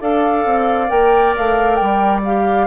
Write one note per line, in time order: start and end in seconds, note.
0.00 0.45 D4
0.00 0.87 A4
0.00 2.67 D5
0.00 0.90 F5
0.45 0.90 C4
0.87 1.35 A#3
0.87 2.22 A#4
0.87 1.34 G5
1.37 1.81 A3
1.37 1.75 F5
1.75 2.67 G3
1.75 2.20 G5
2.25 2.67 G4
2.25 2.67 F5